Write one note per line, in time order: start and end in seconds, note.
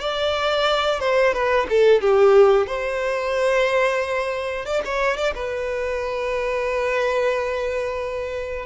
0.00 1.00 D5
1.00 1.34 C5
1.34 1.67 B4
1.70 2.01 A4
2.01 2.67 G4
2.67 4.66 C5
4.66 4.82 D5
4.86 5.17 C#5
5.17 5.34 D5
5.35 8.66 B4